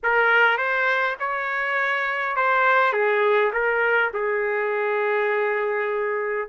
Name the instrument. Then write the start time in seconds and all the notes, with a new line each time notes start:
trumpet
0.03 A#4
0.57 C5
1.19 C#5
2.35 C5
2.93 G#4
3.53 A#4
4.13 G#4